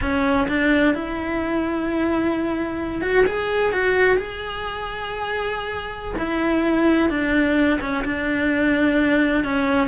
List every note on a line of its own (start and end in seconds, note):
0.01 0.47 C#4
0.48 0.94 D4
0.94 3.01 E4
3.01 3.24 F#4
3.26 3.72 G#4
3.72 4.16 F#4
4.16 6.14 G#4
6.18 7.09 E4
7.09 7.79 D4
7.80 8.04 C#4
8.04 9.43 D4
9.44 9.87 C#4